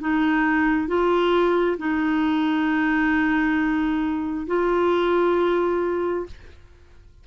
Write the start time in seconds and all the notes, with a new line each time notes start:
0.00 D#4
0.87 F4
1.77 D#4
4.47 F4